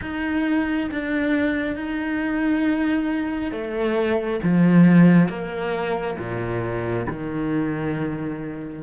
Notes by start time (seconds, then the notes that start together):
0.01 D#4
0.91 D4
1.76 D#4
3.51 A3
4.43 F3
5.28 A#3
6.18 A#2
7.07 D#3